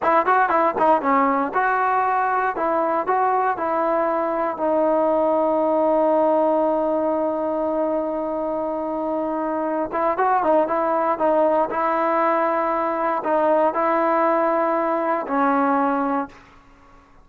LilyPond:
\new Staff \with { instrumentName = "trombone" } { \time 4/4 \tempo 4 = 118 e'8 fis'8 e'8 dis'8 cis'4 fis'4~ | fis'4 e'4 fis'4 e'4~ | e'4 dis'2.~ | dis'1~ |
dis'2.~ dis'8 e'8 | fis'8 dis'8 e'4 dis'4 e'4~ | e'2 dis'4 e'4~ | e'2 cis'2 | }